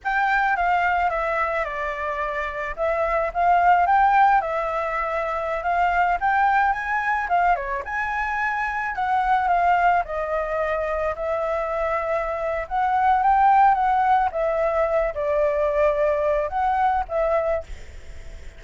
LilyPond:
\new Staff \with { instrumentName = "flute" } { \time 4/4 \tempo 4 = 109 g''4 f''4 e''4 d''4~ | d''4 e''4 f''4 g''4 | e''2~ e''16 f''4 g''8.~ | g''16 gis''4 f''8 cis''8 gis''4.~ gis''16~ |
gis''16 fis''4 f''4 dis''4.~ dis''16~ | dis''16 e''2~ e''8. fis''4 | g''4 fis''4 e''4. d''8~ | d''2 fis''4 e''4 | }